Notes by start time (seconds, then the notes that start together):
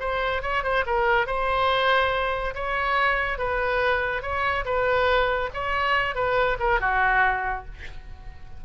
0.00 C5
0.42 C#5
0.63 C5
0.86 A#4
1.26 C5
2.55 C#5
3.38 B4
4.22 C#5
4.65 B4
5.54 C#5
6.15 B4
6.60 A#4
6.80 F#4